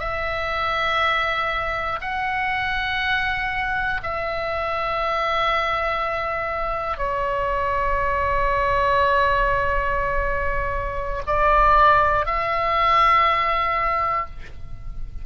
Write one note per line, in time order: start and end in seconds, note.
0.00 2.00 E5
2.01 4.01 F#5
4.03 6.98 E5
6.98 11.23 C#5
11.27 12.26 D5
12.26 14.26 E5